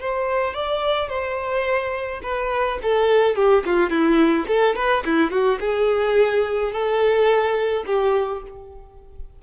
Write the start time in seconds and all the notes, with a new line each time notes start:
0.00 C5
0.54 D5
1.09 C5
2.23 B4
2.82 A4
3.36 G4
3.66 F4
3.90 E4
4.48 A4
4.76 B4
5.05 E4
5.31 F#4
5.60 G#4
6.73 A4
7.86 G4